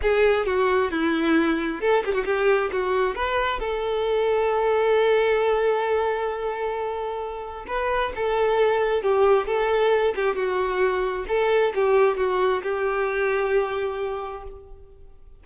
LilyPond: \new Staff \with { instrumentName = "violin" } { \time 4/4 \tempo 4 = 133 gis'4 fis'4 e'2 | a'8 g'16 fis'16 g'4 fis'4 b'4 | a'1~ | a'1~ |
a'4 b'4 a'2 | g'4 a'4. g'8 fis'4~ | fis'4 a'4 g'4 fis'4 | g'1 | }